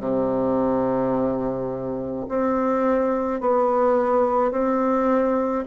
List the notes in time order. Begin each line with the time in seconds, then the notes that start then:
0.00 C3
2.29 C4
3.41 B3
4.52 C4